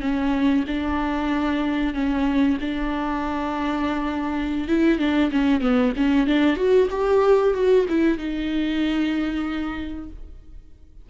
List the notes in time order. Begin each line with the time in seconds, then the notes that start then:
0.00 C#4
0.67 D4
1.94 C#4
2.60 D4
4.68 E4
4.98 D4
5.31 C#4
5.60 B3
5.96 C#4
6.26 D4
6.56 F#4
6.90 G4
7.53 F#4
7.88 E4
8.18 D#4